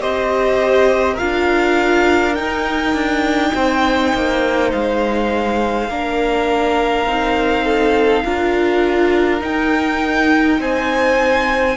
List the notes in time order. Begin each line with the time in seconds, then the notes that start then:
0.00 C4 G4 C5 D#5
1.14 F4 A#4 F5
1.21 D4
2.35 D#4 G5
2.94 D4
3.54 C4 C5
4.14 A#3
4.72 G#3 F5
5.89 A#3 D4 A#4
7.05 C4 D#4
7.65 A4
8.24 D4 F4 A#4
9.40 D#4 G5
10.58 C4 C5 G#5